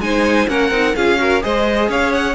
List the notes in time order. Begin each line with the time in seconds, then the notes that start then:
0.00 G#3 D#4 C5 G#5
0.48 A#3 C#4 A#4 F#5
0.71 C4 D#4
0.96 C#4 F4 G#4 F5
1.18 F#4 A#4
1.41 G#3 G#4 C5 D#5
1.89 C#4 C#5 F5
2.13 F#5